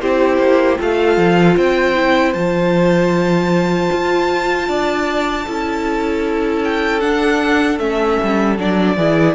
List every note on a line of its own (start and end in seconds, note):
0.00 0.37 C4
0.00 0.78 E4
0.00 0.79 G4
0.00 0.78 C5
0.37 0.76 A#3
0.78 1.17 A3
0.78 1.94 F4
0.78 1.57 A4
0.78 1.57 F5
1.17 1.56 F3
1.57 2.34 C4
1.57 4.68 C5
1.57 2.33 G5
1.94 2.33 E4
2.33 3.89 F3
2.33 5.44 F4
2.33 6.62 A5
3.92 4.68 F4
4.68 5.45 D4
4.68 5.45 D5
5.45 7.03 C#4
5.45 7.00 E4
5.45 8.96 A4
6.64 7.00 G5
7.00 7.78 D4
7.00 7.79 D4
7.00 7.78 F#5
7.79 8.18 A3
7.79 8.56 C#4
7.79 8.56 E5
8.23 8.58 G3
8.58 8.96 F#3
8.58 8.97 D4
8.58 9.35 D5
8.96 9.35 E3
8.96 9.35 E4
8.96 9.35 G#4